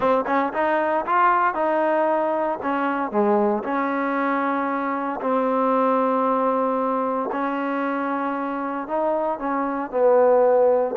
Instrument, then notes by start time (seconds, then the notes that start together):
trombone
0.00 C4
0.26 C#4
0.53 D#4
1.06 F4
1.54 D#4
2.62 C#4
3.11 G#3
3.63 C#4
5.21 C4
7.32 C#4
8.87 D#4
9.39 C#4
9.90 B3